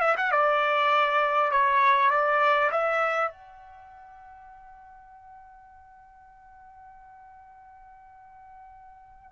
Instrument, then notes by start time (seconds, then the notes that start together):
trumpet
0.00 E5
0.17 F#5
0.31 D5
1.51 C#5
2.10 D5
2.71 E5
3.31 F#5